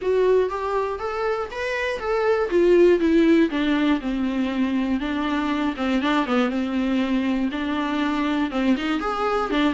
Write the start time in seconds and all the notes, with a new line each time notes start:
0.01 F#4
0.49 G4
0.99 A4
1.51 B4
1.99 A4
2.50 F4
2.99 E4
3.50 D4
4.00 C4
5.00 D4
5.76 C4
6.01 D4
6.25 B3
6.49 C4
7.51 D4
8.50 C4
8.76 D#4
9.00 G#4
9.50 D4